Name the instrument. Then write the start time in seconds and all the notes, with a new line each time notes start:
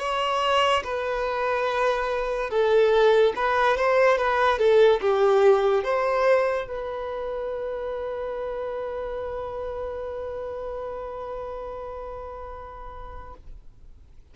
violin
0.00 C#5
0.84 B4
2.51 A4
3.36 B4
3.78 C5
4.18 B4
4.59 A4
5.02 G4
5.84 C5
6.68 B4